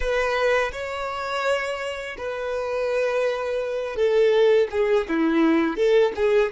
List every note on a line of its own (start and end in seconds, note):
0.00 0.71 B4
0.72 2.16 C#5
2.17 3.96 B4
3.96 4.68 A4
4.71 5.07 G#4
5.08 5.76 E4
5.76 6.12 A4
6.15 6.51 G#4